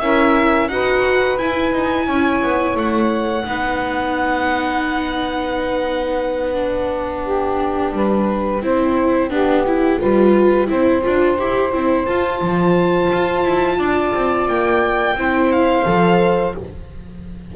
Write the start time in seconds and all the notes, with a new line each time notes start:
0.00 C#4 E4 A#4 E5
0.69 D#4 F#4 B4 F#5
1.38 E4 G#5
1.73 D#4
2.07 C#4 C#5
2.43 B3
2.75 A3 F#5
3.45 B3 D#4 B4
6.54 D4
7.24 G4 G5
7.92 G3 B4
8.61 C4 E4 C5
9.30 B3 D4 G4
9.67 E4
10.00 G3 F4 B4
10.67 C4 E4 C5
11.03 D4 F4
11.39 E4 G4
11.72 C4 E4
12.06 F4 A5
12.41 F3
13.12 F4
13.45 E4
13.78 D4 D5
14.14 C4
14.48 A#3 G5
15.16 C4 E4 C5
15.52 F5
15.86 F3 A4